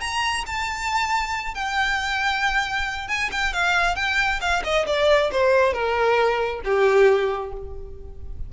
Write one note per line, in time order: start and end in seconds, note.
0.00 0.44 A#5
0.46 1.54 A5
1.54 3.08 G5
3.08 3.30 G#5
3.31 3.53 G5
3.53 3.95 F5
3.95 4.40 G5
4.40 4.62 F5
4.64 4.86 D#5
4.86 5.30 D5
5.31 5.73 C5
5.73 6.61 A#4
6.64 7.52 G4